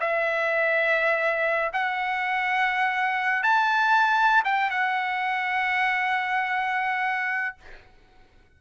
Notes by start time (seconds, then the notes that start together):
0.00 E5
1.72 F#5
3.43 A5
4.44 G5
4.70 F#5